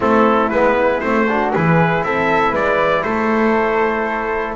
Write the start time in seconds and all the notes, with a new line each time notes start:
0.00 A3 C4 E4 A4
0.49 G#3 B3 B4
1.00 A3 C4 C5
1.28 D4 F#4
1.53 E3 E4 G#4 B4
2.03 C4 A4 E5
2.51 G#3 B4 D5
3.03 A3 A4 C5